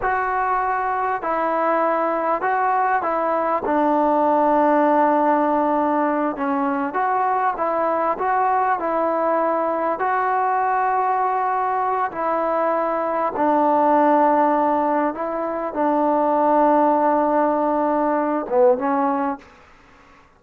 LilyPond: \new Staff \with { instrumentName = "trombone" } { \time 4/4 \tempo 4 = 99 fis'2 e'2 | fis'4 e'4 d'2~ | d'2~ d'8 cis'4 fis'8~ | fis'8 e'4 fis'4 e'4.~ |
e'8 fis'2.~ fis'8 | e'2 d'2~ | d'4 e'4 d'2~ | d'2~ d'8 b8 cis'4 | }